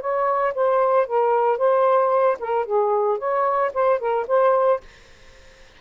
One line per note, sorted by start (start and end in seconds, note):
0.00 0.53 C#5
0.54 1.06 C5
1.06 1.58 A#4
1.58 2.37 C5
2.39 2.65 A#4
2.65 3.18 G#4
3.18 3.71 C#5
3.73 3.99 C5
3.99 4.26 A#4
4.27 4.80 C5